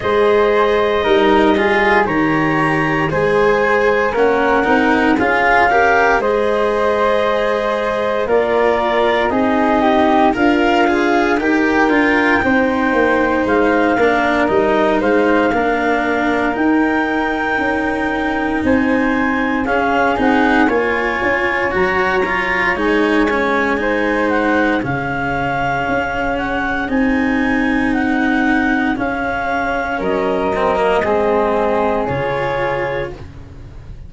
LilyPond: <<
  \new Staff \with { instrumentName = "clarinet" } { \time 4/4 \tempo 4 = 58 dis''2 ais''4 gis''4 | fis''4 f''4 dis''2 | d''4 dis''4 f''4 g''4~ | g''4 f''4 dis''8 f''4. |
g''2 gis''4 f''8 fis''8 | gis''4 ais''4 gis''4. fis''8 | f''4. fis''8 gis''4 fis''4 | f''4 dis''2 cis''4 | }
  \new Staff \with { instrumentName = "flute" } { \time 4/4 c''4 ais'8 gis'8 cis''4 c''4 | ais'4 gis'8 ais'8 c''2 | ais'4 gis'8 g'8 f'4 ais'4 | c''4. ais'4 c''8 ais'4~ |
ais'2 c''4 gis'4 | cis''2. c''4 | gis'1~ | gis'4 ais'4 gis'2 | }
  \new Staff \with { instrumentName = "cello" } { \time 4/4 gis'4 dis'8 f'8 g'4 gis'4 | cis'8 dis'8 f'8 g'8 gis'2 | f'4 dis'4 ais'8 gis'8 g'8 f'8 | dis'4. d'8 dis'4 d'4 |
dis'2. cis'8 dis'8 | f'4 fis'8 f'8 dis'8 cis'8 dis'4 | cis'2 dis'2 | cis'4. c'16 ais16 c'4 f'4 | }
  \new Staff \with { instrumentName = "tuba" } { \time 4/4 gis4 g4 dis4 gis4 | ais8 c'8 cis'4 gis2 | ais4 c'4 d'4 dis'8 d'8 | c'8 ais8 gis8 ais8 g8 gis8 ais4 |
dis'4 cis'4 c'4 cis'8 c'8 | ais8 cis'8 fis4 gis2 | cis4 cis'4 c'2 | cis'4 fis4 gis4 cis4 | }
>>